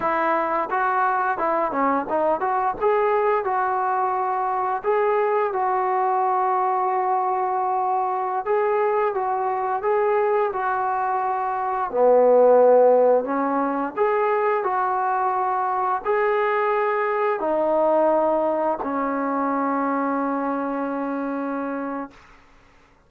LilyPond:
\new Staff \with { instrumentName = "trombone" } { \time 4/4 \tempo 4 = 87 e'4 fis'4 e'8 cis'8 dis'8 fis'8 | gis'4 fis'2 gis'4 | fis'1~ | fis'16 gis'4 fis'4 gis'4 fis'8.~ |
fis'4~ fis'16 b2 cis'8.~ | cis'16 gis'4 fis'2 gis'8.~ | gis'4~ gis'16 dis'2 cis'8.~ | cis'1 | }